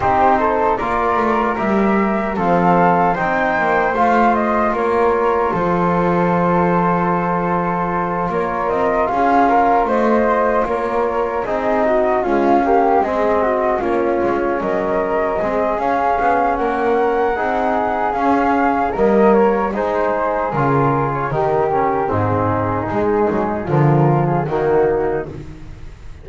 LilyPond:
<<
  \new Staff \with { instrumentName = "flute" } { \time 4/4 \tempo 4 = 76 c''4 d''4 e''4 f''4 | g''4 f''8 dis''8 cis''4 c''4~ | c''2~ c''8 cis''8 dis''8 f''8~ | f''8 dis''4 cis''4 dis''4 f''8~ |
f''8 dis''4 cis''4 dis''4. | f''4 fis''2 f''4 | dis''8 cis''8 c''4 ais'8. cis''16 ais'4 | gis'2 ais'8. gis'16 fis'4 | }
  \new Staff \with { instrumentName = "flute" } { \time 4/4 g'8 a'8 ais'2 a'4 | c''2 ais'4 a'4~ | a'2~ a'8 ais'4 gis'8 | ais'8 c''4 ais'4 gis'8 fis'8 f'8 |
g'8 gis'8 fis'8 f'4 ais'4 gis'8~ | gis'4 ais'4 gis'2 | ais'4 gis'2 g'4 | dis'2 f'4 dis'4 | }
  \new Staff \with { instrumentName = "trombone" } { \time 4/4 dis'4 f'4 g'4 c'4 | dis'4 f'2.~ | f'1~ | f'2~ f'8 dis'4 gis8 |
ais8 c'4 cis'2 c'8 | cis'2 dis'4 cis'4 | ais4 dis'4 f'4 dis'8 cis'8 | c'4 gis4 f4 ais4 | }
  \new Staff \with { instrumentName = "double bass" } { \time 4/4 c'4 ais8 a8 g4 f4 | c'8 ais8 a4 ais4 f4~ | f2~ f8 ais8 c'8 cis'8~ | cis'8 a4 ais4 c'4 cis'8~ |
cis'8 gis4 ais8 gis8 fis4 gis8 | cis'8 b8 ais4 c'4 cis'4 | g4 gis4 cis4 dis4 | gis,4 gis8 fis8 d4 dis4 | }
>>